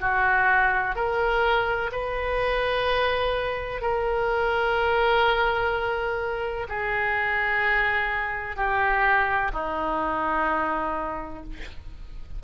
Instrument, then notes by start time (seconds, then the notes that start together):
oboe
0.00 F#4
0.95 A#4
1.92 B4
3.81 A#4
6.68 G#4
8.56 G4
9.53 D#4